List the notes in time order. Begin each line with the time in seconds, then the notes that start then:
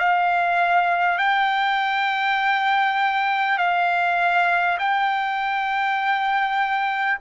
0.00 F5
1.18 G5
3.59 F5
4.79 G5